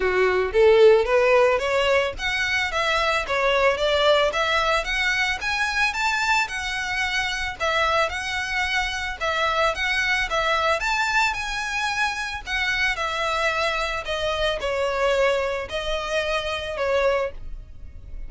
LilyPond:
\new Staff \with { instrumentName = "violin" } { \time 4/4 \tempo 4 = 111 fis'4 a'4 b'4 cis''4 | fis''4 e''4 cis''4 d''4 | e''4 fis''4 gis''4 a''4 | fis''2 e''4 fis''4~ |
fis''4 e''4 fis''4 e''4 | a''4 gis''2 fis''4 | e''2 dis''4 cis''4~ | cis''4 dis''2 cis''4 | }